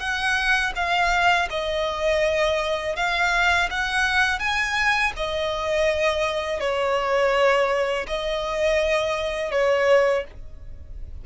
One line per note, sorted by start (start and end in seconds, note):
0.00 0.73 F#5
0.75 1.49 F5
1.50 2.96 D#5
2.96 3.70 F5
3.71 4.39 F#5
4.39 5.13 G#5
5.17 6.60 D#5
6.60 8.07 C#5
8.07 9.52 D#5
9.52 10.25 C#5